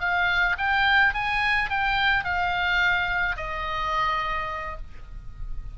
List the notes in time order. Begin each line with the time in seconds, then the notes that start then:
0.00 F5
0.58 G5
1.14 G#5
1.70 G5
2.24 F5
3.37 D#5